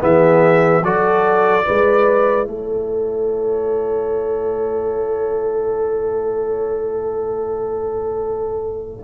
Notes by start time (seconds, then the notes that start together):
0.00 E3 B3 G#4 E5
0.83 F#3 F#4 A4 D5
1.62 E4 B4
1.69 G#3
2.47 A3 A4 C#5